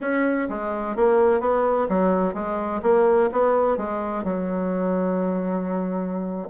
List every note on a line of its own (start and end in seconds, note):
0.01 0.48 C#4
0.49 0.96 G#3
0.96 1.40 A#3
1.40 1.87 B3
1.88 2.34 F#3
2.34 2.81 G#3
2.82 3.29 A#3
3.32 3.77 B3
3.77 4.24 G#3
4.24 6.48 F#3